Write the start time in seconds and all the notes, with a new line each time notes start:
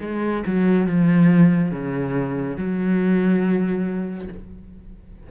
0.00 G#3
0.46 F#3
0.86 F3
1.71 C#3
2.57 F#3